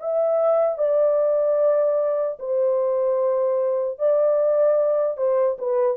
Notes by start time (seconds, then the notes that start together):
0.00 E5
0.78 D5
2.39 C5
3.99 D5
5.17 C5
5.58 B4